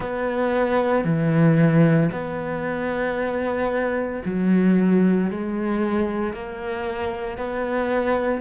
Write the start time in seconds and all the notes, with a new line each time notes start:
0.00 B3
1.04 E3
2.11 B3
4.25 F#3
5.30 G#3
6.33 A#3
7.37 B3